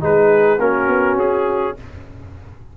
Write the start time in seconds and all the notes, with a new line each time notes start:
0.00 G#3 D#4 G#4 B4
0.58 A#3 C#4 F#4 A#4
0.87 B3
1.16 C#4 G#4